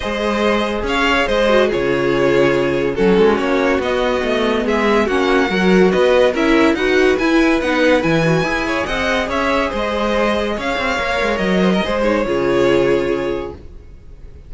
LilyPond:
<<
  \new Staff \with { instrumentName = "violin" } { \time 4/4 \tempo 4 = 142 dis''2 f''4 dis''4 | cis''2. a'4 | cis''4 dis''2 e''4 | fis''2 dis''4 e''4 |
fis''4 gis''4 fis''4 gis''4~ | gis''4 fis''4 e''4 dis''4~ | dis''4 f''2 dis''4~ | dis''8 cis''2.~ cis''8 | }
  \new Staff \with { instrumentName = "violin" } { \time 4/4 c''2 cis''4 c''4 | gis'2. fis'4~ | fis'2. gis'4 | fis'4 ais'4 b'4 ais'4 |
b'1~ | b'8 cis''8 dis''4 cis''4 c''4~ | c''4 cis''2~ cis''8 c''16 ais'16 | c''4 gis'2. | }
  \new Staff \with { instrumentName = "viola" } { \time 4/4 gis'2.~ gis'8 fis'8 | f'2. cis'4~ | cis'4 b2. | cis'4 fis'2 e'4 |
fis'4 e'4 dis'4 e'8 fis'8 | gis'1~ | gis'2 ais'2 | gis'8 dis'8 f'2. | }
  \new Staff \with { instrumentName = "cello" } { \time 4/4 gis2 cis'4 gis4 | cis2. fis8 gis8 | ais4 b4 a4 gis4 | ais4 fis4 b4 cis'4 |
dis'4 e'4 b4 e4 | e'4 c'4 cis'4 gis4~ | gis4 cis'8 c'8 ais8 gis8 fis4 | gis4 cis2. | }
>>